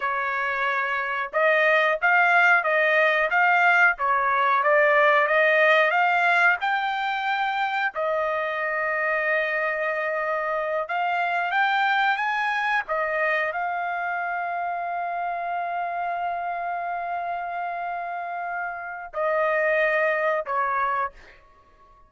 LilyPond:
\new Staff \with { instrumentName = "trumpet" } { \time 4/4 \tempo 4 = 91 cis''2 dis''4 f''4 | dis''4 f''4 cis''4 d''4 | dis''4 f''4 g''2 | dis''1~ |
dis''8 f''4 g''4 gis''4 dis''8~ | dis''8 f''2.~ f''8~ | f''1~ | f''4 dis''2 cis''4 | }